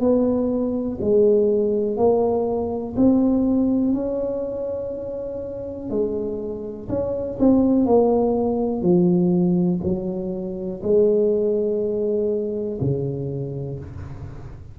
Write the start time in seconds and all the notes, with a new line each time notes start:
0.00 B3
1.01 G#3
1.97 A#3
2.96 C4
3.93 C#4
5.90 G#3
6.89 C#4
7.39 C4
7.86 A#3
8.82 F3
9.83 F#3
10.83 G#3
12.81 C#3